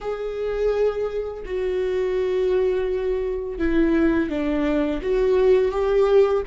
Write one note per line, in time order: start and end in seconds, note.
0.00 1.43 G#4
1.45 3.58 F#4
3.58 4.29 E4
4.29 5.01 D4
5.02 5.71 F#4
5.71 6.43 G4